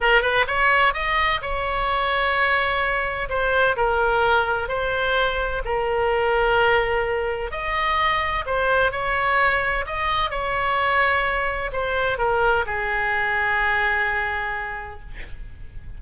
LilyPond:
\new Staff \with { instrumentName = "oboe" } { \time 4/4 \tempo 4 = 128 ais'8 b'8 cis''4 dis''4 cis''4~ | cis''2. c''4 | ais'2 c''2 | ais'1 |
dis''2 c''4 cis''4~ | cis''4 dis''4 cis''2~ | cis''4 c''4 ais'4 gis'4~ | gis'1 | }